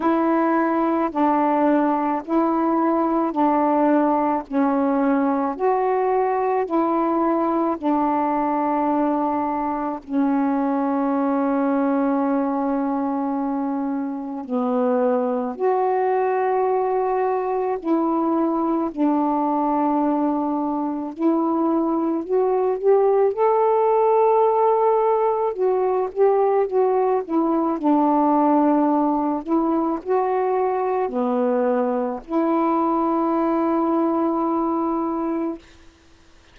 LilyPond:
\new Staff \with { instrumentName = "saxophone" } { \time 4/4 \tempo 4 = 54 e'4 d'4 e'4 d'4 | cis'4 fis'4 e'4 d'4~ | d'4 cis'2.~ | cis'4 b4 fis'2 |
e'4 d'2 e'4 | fis'8 g'8 a'2 fis'8 g'8 | fis'8 e'8 d'4. e'8 fis'4 | b4 e'2. | }